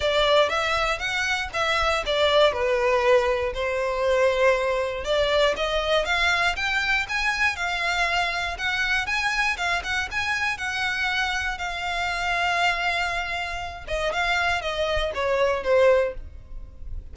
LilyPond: \new Staff \with { instrumentName = "violin" } { \time 4/4 \tempo 4 = 119 d''4 e''4 fis''4 e''4 | d''4 b'2 c''4~ | c''2 d''4 dis''4 | f''4 g''4 gis''4 f''4~ |
f''4 fis''4 gis''4 f''8 fis''8 | gis''4 fis''2 f''4~ | f''2.~ f''8 dis''8 | f''4 dis''4 cis''4 c''4 | }